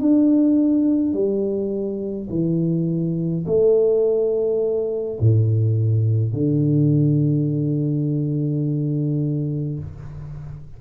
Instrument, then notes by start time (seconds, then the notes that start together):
tuba
0.00 D4
1.13 G3
2.30 E3
3.46 A3
5.20 A2
6.33 D3